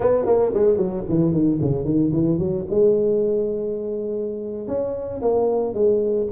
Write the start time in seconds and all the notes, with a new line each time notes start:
0.00 B3
0.25 A#3
0.54 G#3
0.77 F#3
1.08 E3
1.31 D#3
1.61 C#3
1.85 D#3
2.12 E3
2.38 F#3
2.70 G#3
4.67 C#4
5.21 A#3
5.73 G#3